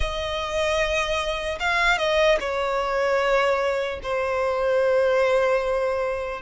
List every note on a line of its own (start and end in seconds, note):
0.00 1.58 D#5
1.59 1.98 F5
1.98 2.38 D#5
2.40 4.00 C#5
4.03 6.41 C5